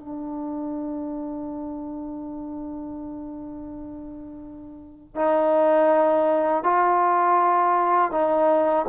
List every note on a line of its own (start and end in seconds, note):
0.00 5.15 D4
5.15 6.63 D#4
6.63 8.11 F4
8.11 8.86 D#4